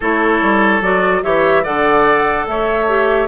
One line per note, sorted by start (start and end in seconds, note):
0.00 0.42 A3
0.00 0.82 E4
0.00 1.23 A4
0.00 0.82 C#5
0.42 0.81 G3
0.81 1.22 F#3
0.81 1.22 F#4
0.81 1.23 D5
1.22 1.66 E3
1.22 1.64 G4
1.22 1.63 C#5
1.22 1.64 E5
1.63 2.46 D3
1.63 2.87 A4
1.63 2.45 D5
1.63 2.46 F#5
2.46 3.27 A3
2.46 3.27 C#5
2.46 3.27 E5
2.88 3.27 G4